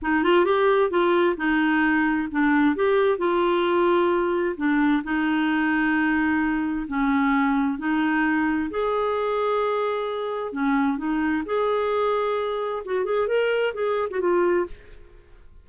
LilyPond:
\new Staff \with { instrumentName = "clarinet" } { \time 4/4 \tempo 4 = 131 dis'8 f'8 g'4 f'4 dis'4~ | dis'4 d'4 g'4 f'4~ | f'2 d'4 dis'4~ | dis'2. cis'4~ |
cis'4 dis'2 gis'4~ | gis'2. cis'4 | dis'4 gis'2. | fis'8 gis'8 ais'4 gis'8. fis'16 f'4 | }